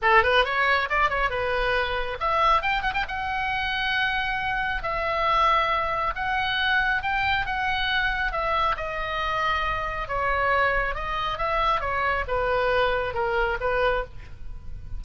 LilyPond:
\new Staff \with { instrumentName = "oboe" } { \time 4/4 \tempo 4 = 137 a'8 b'8 cis''4 d''8 cis''8 b'4~ | b'4 e''4 g''8 fis''16 g''16 fis''4~ | fis''2. e''4~ | e''2 fis''2 |
g''4 fis''2 e''4 | dis''2. cis''4~ | cis''4 dis''4 e''4 cis''4 | b'2 ais'4 b'4 | }